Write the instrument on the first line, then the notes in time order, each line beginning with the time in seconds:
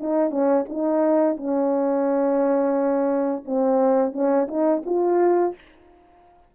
horn
0.00 D#4
0.31 C#4
0.69 D#4
1.37 C#4
3.45 C4
4.13 C#4
4.48 D#4
4.86 F4